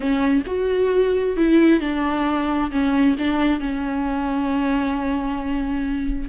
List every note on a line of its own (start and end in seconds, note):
0.00 0.43 C#4
0.46 1.36 F#4
1.36 1.80 E4
1.80 2.70 D4
2.71 3.16 C#4
3.18 3.60 D4
3.60 6.29 C#4